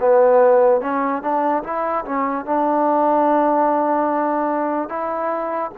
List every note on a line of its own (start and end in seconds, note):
0.00 0.81 B3
0.81 1.22 C#4
1.22 1.63 D4
1.63 2.04 E4
2.05 2.45 C#4
2.45 4.89 D4
4.89 5.71 E4